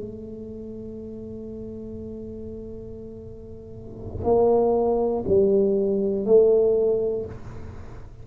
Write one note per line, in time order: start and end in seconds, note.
0.00 4.25 A3
4.25 5.25 A#3
5.28 6.26 G3
6.26 7.26 A3